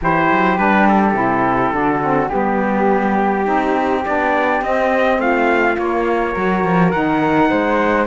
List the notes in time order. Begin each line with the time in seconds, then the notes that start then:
0.01 E3 E4 G4 C5
0.31 F#3
0.57 G3 D4 B4
0.88 A4
1.13 C3 E4
1.72 D3 D4 F#4
2.01 C4
2.29 G3 B3 G4
3.45 C4 D#4
4.04 B3 D4 D5
4.61 C4 D#5
5.18 A3 F4 F5
5.76 A#3 C#5
6.32 F#3 F#4 A#4
6.63 F3
6.91 D#3 D#4 F#5
7.49 G#3 C5